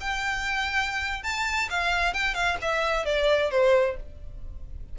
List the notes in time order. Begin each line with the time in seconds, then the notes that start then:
0.00 G5
1.23 A5
1.70 F5
2.13 G5
2.34 F5
2.61 E5
3.05 D5
3.50 C5